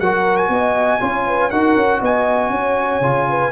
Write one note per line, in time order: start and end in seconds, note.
0.00 0.49 F#3
0.00 1.01 F#4
0.00 0.52 A#4
0.00 0.37 F#5
0.37 1.51 G#5
0.49 1.00 B3
0.49 1.02 D#5
1.01 1.52 C#4
1.01 1.51 F4
1.01 1.27 C#5
1.27 1.52 B4
1.51 1.76 D#4
1.51 3.03 F#4
1.51 2.00 A#4
1.51 2.01 F#5
1.76 2.01 C#4
2.00 2.51 B3
2.00 2.50 D#5
2.00 3.52 G#5
2.51 3.01 C#4
2.51 3.29 C#5
3.01 3.51 C#3
3.01 3.52 F4
3.30 3.52 B4